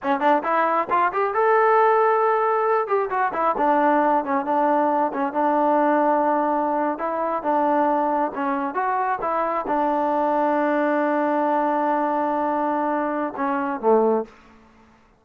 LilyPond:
\new Staff \with { instrumentName = "trombone" } { \time 4/4 \tempo 4 = 135 cis'8 d'8 e'4 f'8 g'8 a'4~ | a'2~ a'8 g'8 fis'8 e'8 | d'4. cis'8 d'4. cis'8 | d'2.~ d'8. e'16~ |
e'8. d'2 cis'4 fis'16~ | fis'8. e'4 d'2~ d'16~ | d'1~ | d'2 cis'4 a4 | }